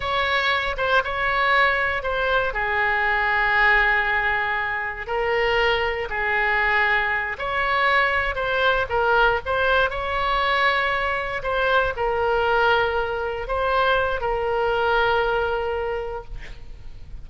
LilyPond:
\new Staff \with { instrumentName = "oboe" } { \time 4/4 \tempo 4 = 118 cis''4. c''8 cis''2 | c''4 gis'2.~ | gis'2 ais'2 | gis'2~ gis'8 cis''4.~ |
cis''8 c''4 ais'4 c''4 cis''8~ | cis''2~ cis''8 c''4 ais'8~ | ais'2~ ais'8 c''4. | ais'1 | }